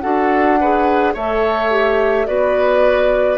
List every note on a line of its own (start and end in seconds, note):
0.00 1.15 D4
0.00 0.58 F#4
0.00 0.59 A4
0.00 1.13 F#5
0.61 1.16 G#4
0.61 1.14 B4
1.14 2.28 A3
1.14 1.71 A4
1.14 2.27 C#5
1.14 2.27 E5
1.71 2.27 G4
2.27 3.38 B3
2.27 3.38 F#4
2.27 3.38 B4
2.27 3.38 D5